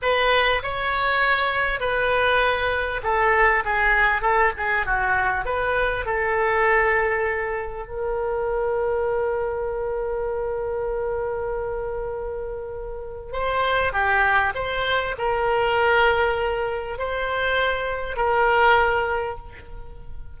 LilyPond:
\new Staff \with { instrumentName = "oboe" } { \time 4/4 \tempo 4 = 99 b'4 cis''2 b'4~ | b'4 a'4 gis'4 a'8 gis'8 | fis'4 b'4 a'2~ | a'4 ais'2.~ |
ais'1~ | ais'2 c''4 g'4 | c''4 ais'2. | c''2 ais'2 | }